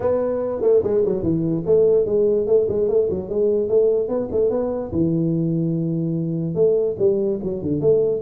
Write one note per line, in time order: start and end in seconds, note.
0.00 0.61 B3
0.61 0.82 A3
0.83 1.03 G#3
1.05 1.22 F#3
1.22 1.63 E3
1.66 2.05 A3
2.05 2.46 G#3
2.46 2.67 A3
2.69 2.88 G#3
2.88 3.09 A3
3.09 3.29 F#3
3.29 3.68 G#3
3.68 4.08 A3
4.08 4.29 B3
4.31 4.50 A3
4.50 4.91 B3
4.91 6.55 E3
6.55 6.96 A3
6.98 7.39 G3
7.43 7.62 F#3
7.62 7.80 D3
7.80 8.21 A3